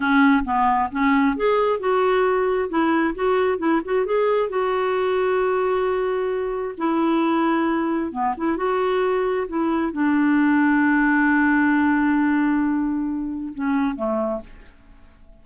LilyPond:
\new Staff \with { instrumentName = "clarinet" } { \time 4/4 \tempo 4 = 133 cis'4 b4 cis'4 gis'4 | fis'2 e'4 fis'4 | e'8 fis'8 gis'4 fis'2~ | fis'2. e'4~ |
e'2 b8 e'8 fis'4~ | fis'4 e'4 d'2~ | d'1~ | d'2 cis'4 a4 | }